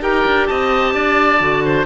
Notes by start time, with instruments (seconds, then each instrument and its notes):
0.00 cello D#4, clarinet G4, oboe A#4 G5
0.25 cello D4
0.47 cello C4, oboe D#5 A5
0.94 cello D4, oboe D5
1.39 cello D3, clarinet F#4
1.64 oboe C5